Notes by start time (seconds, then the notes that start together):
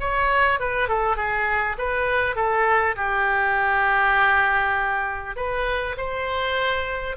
0.00 C#5
0.60 B4
0.88 A4
1.16 G#4
1.78 B4
2.36 A4
2.96 G4
5.36 B4
5.98 C5